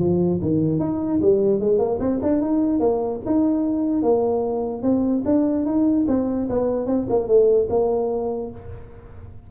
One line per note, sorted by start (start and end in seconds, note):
0.00 0.41 F3
0.42 0.80 D#3
0.80 1.21 D#4
1.22 1.61 G3
1.61 1.79 G#3
1.79 1.99 A#3
2.00 2.20 C4
2.23 2.42 D4
2.42 2.80 D#4
2.80 3.20 A#3
3.26 4.03 D#4
4.03 4.83 A#3
4.83 5.24 C4
5.26 5.66 D4
5.66 6.06 D#4
6.08 6.49 C4
6.50 6.87 B3
6.87 7.07 C4
7.10 7.28 A#3
7.28 7.69 A3
7.70 8.51 A#3